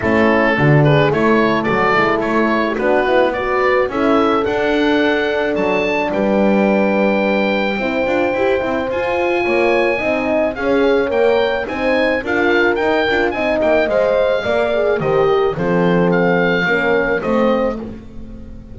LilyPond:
<<
  \new Staff \with { instrumentName = "oboe" } { \time 4/4 \tempo 4 = 108 a'4. b'8 cis''4 d''4 | cis''4 b'4 d''4 e''4 | fis''2 a''4 g''4~ | g''1 |
gis''2. f''4 | g''4 gis''4 f''4 g''4 | gis''8 g''8 f''2 dis''4 | c''4 f''2 dis''4 | }
  \new Staff \with { instrumentName = "horn" } { \time 4/4 e'4 fis'8 gis'8 a'2~ | a'8. g'16 fis'4 b'4 a'4~ | a'2. b'4~ | b'2 c''2~ |
c''4 cis''4 dis''4 cis''4~ | cis''4 c''4 ais'2 | dis''2 d''4 c''8 ais'8 | a'2 ais'4 c''4 | }
  \new Staff \with { instrumentName = "horn" } { \time 4/4 cis'4 d'4 e'4 fis'8 e'8~ | e'4 d'8 e'8 fis'4 e'4 | d'1~ | d'2 e'8 f'8 g'8 e'8 |
f'2 dis'4 gis'4 | ais'4 dis'4 f'4 dis'8 f'8 | dis'4 c''4 ais'8 gis'8 g'4 | c'2 cis'4 c'4 | }
  \new Staff \with { instrumentName = "double bass" } { \time 4/4 a4 d4 a4 fis8 gis8 | a4 b2 cis'4 | d'2 fis4 g4~ | g2 c'8 d'8 e'8 c'8 |
f'4 ais4 c'4 cis'4 | ais4 c'4 d'4 dis'8 d'8 | c'8 ais8 gis4 ais4 dis4 | f2 ais4 a4 | }
>>